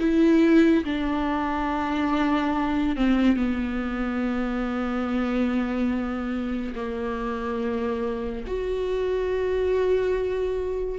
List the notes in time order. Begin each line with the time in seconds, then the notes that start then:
0.00 E4
0.85 D4
2.97 C4
3.36 B3
6.76 A#3
8.48 F#4